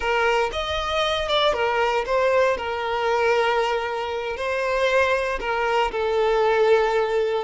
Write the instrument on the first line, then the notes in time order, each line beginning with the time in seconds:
violin
0.00 A#4
0.52 D#5
1.28 D5
1.53 A#4
2.06 C5
2.57 A#4
4.36 C5
5.40 A#4
5.91 A4